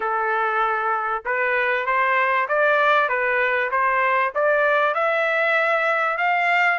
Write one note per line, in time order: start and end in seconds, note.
0.00 1.23 A4
1.25 1.86 B4
1.86 2.47 C5
2.48 3.08 D5
3.08 3.70 B4
3.71 4.33 C5
4.34 4.94 D5
4.94 6.17 E5
6.17 6.79 F5